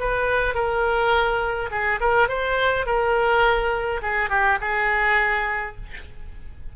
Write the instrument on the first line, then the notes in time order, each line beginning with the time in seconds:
oboe
0.00 B4
0.55 A#4
1.71 G#4
2.01 A#4
2.29 C5
2.86 A#4
4.02 G#4
4.30 G4
4.61 G#4